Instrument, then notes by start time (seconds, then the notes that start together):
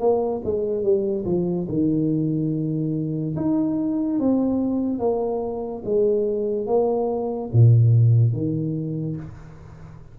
tuba
0.00 A#3
0.45 G#3
0.83 G3
1.26 F3
1.69 D#3
3.37 D#4
4.20 C4
5.00 A#3
5.85 G#3
6.67 A#3
7.53 A#2
8.33 D#3